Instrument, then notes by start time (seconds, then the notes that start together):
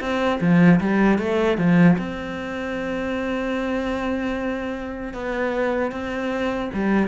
cello
0.00 C4
0.40 F3
0.80 G3
1.18 A3
1.57 F3
1.98 C4
5.14 B3
5.91 C4
6.73 G3